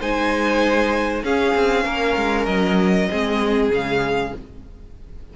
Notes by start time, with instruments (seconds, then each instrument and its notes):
0.00 cello G#3, viola D#4, violin C5 G#5
1.23 cello C#4, viola C#4, violin G#4 F5
1.55 cello C4
1.85 cello A#3, violin A#4
2.17 cello G#3
2.46 cello F#3, violin D#5
3.10 cello G#3, viola C4, violin G#4
3.70 cello C#3, viola G#3, violin F5